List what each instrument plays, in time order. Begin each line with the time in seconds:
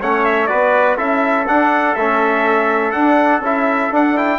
0.00 bassoon A3, trombone C#4, trumpet C#5 F#5
0.25 trumpet E5
0.47 bassoon B3, trombone F#4, trumpet B4 D5
0.97 bassoon C#4, trombone E4, trumpet A4 E5
1.47 trombone D4, bassoon D4, trumpet F#5
1.95 bassoon A3, trombone C#4, trumpet E5
2.92 trombone D4, bassoon D4, trumpet F#5
3.40 bassoon C#4, trombone E4, trumpet E5
3.92 trombone D4, bassoon D4, trumpet F#5
4.16 trombone E4, trumpet G5